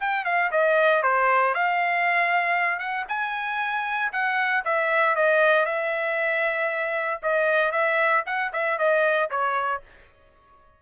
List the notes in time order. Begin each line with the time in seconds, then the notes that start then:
0.00 G5
0.25 F5
0.51 D#5
1.03 C5
1.54 F5
2.79 F#5
3.08 G#5
4.12 F#5
4.65 E5
5.16 D#5
5.66 E5
7.22 D#5
7.72 E5
8.26 F#5
8.53 E5
8.78 D#5
9.30 C#5